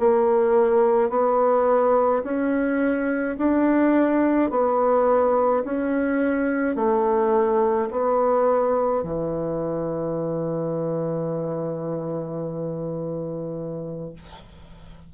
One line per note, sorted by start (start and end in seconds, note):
0.00 1.10 A#3
1.10 2.23 B3
2.24 3.37 C#4
3.39 4.51 D4
4.51 5.64 B3
5.64 6.76 C#4
6.76 7.89 A3
7.91 9.04 B3
9.04 14.14 E3